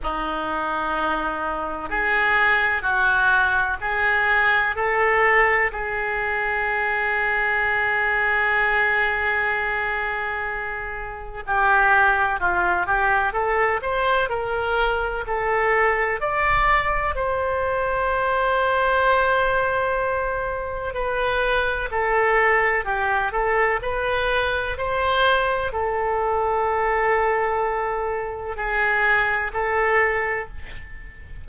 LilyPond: \new Staff \with { instrumentName = "oboe" } { \time 4/4 \tempo 4 = 63 dis'2 gis'4 fis'4 | gis'4 a'4 gis'2~ | gis'1 | g'4 f'8 g'8 a'8 c''8 ais'4 |
a'4 d''4 c''2~ | c''2 b'4 a'4 | g'8 a'8 b'4 c''4 a'4~ | a'2 gis'4 a'4 | }